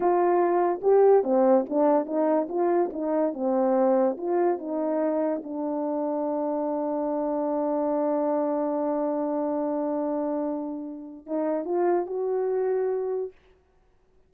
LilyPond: \new Staff \with { instrumentName = "horn" } { \time 4/4 \tempo 4 = 144 f'2 g'4 c'4 | d'4 dis'4 f'4 dis'4 | c'2 f'4 dis'4~ | dis'4 d'2.~ |
d'1~ | d'1~ | d'2. dis'4 | f'4 fis'2. | }